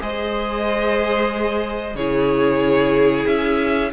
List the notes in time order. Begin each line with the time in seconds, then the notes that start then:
0.00 G#3 G#4 C5 D#5
1.95 C#3 E4 G#4 C#5
3.26 C#4 E5